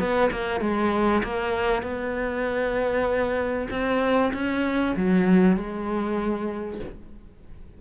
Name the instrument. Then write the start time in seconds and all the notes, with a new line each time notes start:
cello
0.00 B3
0.31 A#3
0.61 G#3
1.24 A#3
1.83 B3
3.71 C4
4.34 C#4
4.96 F#3
5.57 G#3